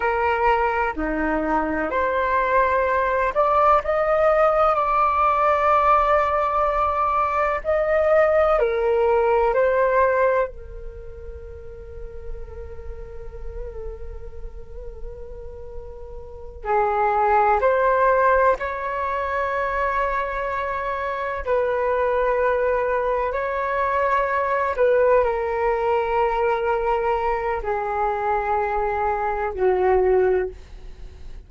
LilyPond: \new Staff \with { instrumentName = "flute" } { \time 4/4 \tempo 4 = 63 ais'4 dis'4 c''4. d''8 | dis''4 d''2. | dis''4 ais'4 c''4 ais'4~ | ais'1~ |
ais'4. gis'4 c''4 cis''8~ | cis''2~ cis''8 b'4.~ | b'8 cis''4. b'8 ais'4.~ | ais'4 gis'2 fis'4 | }